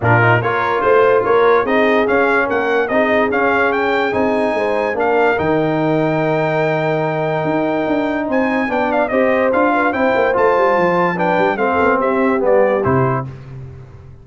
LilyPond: <<
  \new Staff \with { instrumentName = "trumpet" } { \time 4/4 \tempo 4 = 145 ais'4 cis''4 c''4 cis''4 | dis''4 f''4 fis''4 dis''4 | f''4 g''4 gis''2 | f''4 g''2.~ |
g''1 | gis''4 g''8 f''8 dis''4 f''4 | g''4 a''2 g''4 | f''4 e''4 d''4 c''4 | }
  \new Staff \with { instrumentName = "horn" } { \time 4/4 f'4 ais'4 c''4 ais'4 | gis'2 ais'4 gis'4~ | gis'2. c''4 | ais'1~ |
ais'1 | c''4 d''4 c''4. b'8 | c''2. b'4 | a'4 g'2. | }
  \new Staff \with { instrumentName = "trombone" } { \time 4/4 d'8 dis'8 f'2. | dis'4 cis'2 dis'4 | cis'2 dis'2 | d'4 dis'2.~ |
dis'1~ | dis'4 d'4 g'4 f'4 | e'4 f'2 d'4 | c'2 b4 e'4 | }
  \new Staff \with { instrumentName = "tuba" } { \time 4/4 ais,4 ais4 a4 ais4 | c'4 cis'4 ais4 c'4 | cis'2 c'4 gis4 | ais4 dis2.~ |
dis2 dis'4 d'4 | c'4 b4 c'4 d'4 | c'8 ais8 a8 g8 f4. g8 | a8 b8 c'4 g4 c4 | }
>>